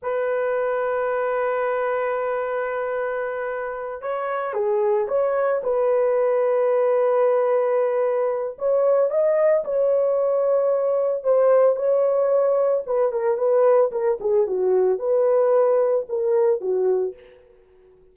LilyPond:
\new Staff \with { instrumentName = "horn" } { \time 4/4 \tempo 4 = 112 b'1~ | b'2.~ b'8 cis''8~ | cis''8 gis'4 cis''4 b'4.~ | b'1 |
cis''4 dis''4 cis''2~ | cis''4 c''4 cis''2 | b'8 ais'8 b'4 ais'8 gis'8 fis'4 | b'2 ais'4 fis'4 | }